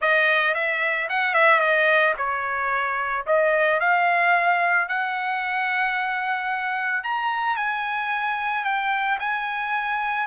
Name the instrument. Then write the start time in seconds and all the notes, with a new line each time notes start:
trumpet
0.01 D#5
0.54 E5
1.09 F#5
1.34 E5
1.60 D#5
2.17 C#5
3.26 D#5
3.80 F5
4.88 F#5
7.03 A#5
7.56 G#5
8.64 G5
9.19 G#5